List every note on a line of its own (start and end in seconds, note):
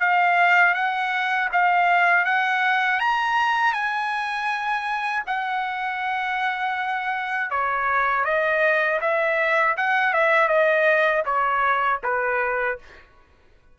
0.00 0.74 F5
0.74 1.49 F#5
1.52 2.25 F5
2.25 3.00 F#5
3.00 3.73 A#5
3.73 5.23 G#5
5.26 7.50 F#5
7.50 8.25 C#5
8.25 9.00 D#5
9.01 9.76 E5
9.77 10.13 F#5
10.13 10.48 E5
10.48 11.23 D#5
11.25 12.00 C#5
12.03 12.78 B4